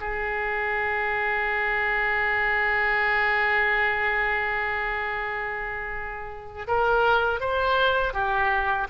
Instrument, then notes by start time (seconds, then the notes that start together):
oboe
0.00 G#4
6.67 A#4
7.40 C5
8.13 G4